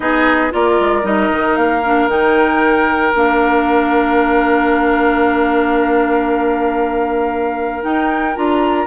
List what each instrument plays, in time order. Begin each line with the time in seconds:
0.00 bassoon B3, clarinet D#4, oboe G#4, flute D#5
0.50 bassoon A#3, clarinet F4, oboe A#4, flute D5
0.79 bassoon G#3
1.03 bassoon G3, clarinet D#4, flute D#5
1.31 bassoon D#3
1.56 bassoon A#3, flute F5
1.85 clarinet D4
2.07 bassoon D#3, clarinet D#4, flute G5
3.14 bassoon A#3, clarinet D4, flute F5
7.82 clarinet D#4, bassoon D#4, flute G5
8.35 bassoon D4, clarinet F4, flute A#5